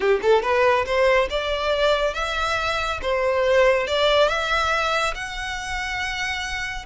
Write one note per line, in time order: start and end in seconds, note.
0.00 0.19 G4
0.21 0.42 A4
0.42 0.85 B4
0.85 1.28 C5
1.30 2.14 D5
2.14 2.99 E5
3.02 3.87 C5
3.87 4.28 D5
4.28 5.14 E5
5.14 6.85 F#5